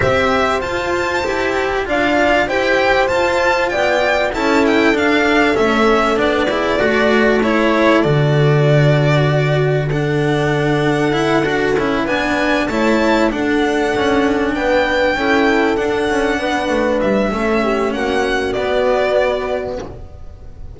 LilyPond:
<<
  \new Staff \with { instrumentName = "violin" } { \time 4/4 \tempo 4 = 97 e''4 a''2 f''4 | g''4 a''4 g''4 a''8 g''8 | f''4 e''4 d''2 | cis''4 d''2. |
fis''2.~ fis''8 gis''8~ | gis''8 a''4 fis''2 g''8~ | g''4. fis''2 e''8~ | e''4 fis''4 d''2 | }
  \new Staff \with { instrumentName = "horn" } { \time 4/4 c''2. d''4 | c''2 d''4 a'4~ | a'2~ a'8 gis'8 a'4~ | a'2. fis'4 |
a'2.~ a'8 b'8~ | b'8 cis''4 a'2 b'8~ | b'8 a'2 b'4. | a'8 g'8 fis'2. | }
  \new Staff \with { instrumentName = "cello" } { \time 4/4 g'4 f'4 g'4 f'4 | g'4 f'2 e'4 | d'4 cis'4 d'8 e'8 fis'4 | e'4 fis'2. |
d'2 e'8 fis'8 e'8 d'8~ | d'8 e'4 d'2~ d'8~ | d'8 e'4 d'2~ d'8 | cis'2 b2 | }
  \new Staff \with { instrumentName = "double bass" } { \time 4/4 c'4 f'4 e'4 d'4 | e'4 f'4 b4 cis'4 | d'4 a4 b4 a4~ | a4 d2.~ |
d2~ d8 d'8 cis'8 b8~ | b8 a4 d'4 cis'4 b8~ | b8 cis'4 d'8 cis'8 b8 a8 g8 | a4 ais4 b2 | }
>>